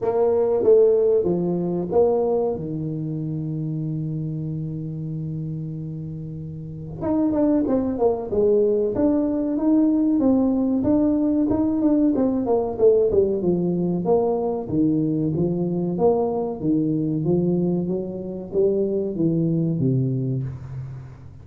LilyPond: \new Staff \with { instrumentName = "tuba" } { \time 4/4 \tempo 4 = 94 ais4 a4 f4 ais4 | dis1~ | dis2. dis'8 d'8 | c'8 ais8 gis4 d'4 dis'4 |
c'4 d'4 dis'8 d'8 c'8 ais8 | a8 g8 f4 ais4 dis4 | f4 ais4 dis4 f4 | fis4 g4 e4 c4 | }